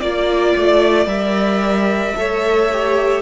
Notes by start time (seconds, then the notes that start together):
0.00 A#3 F4 D5
0.56 A3
1.06 G3 A#4 E5
2.16 A3 A4 C#5
2.72 G4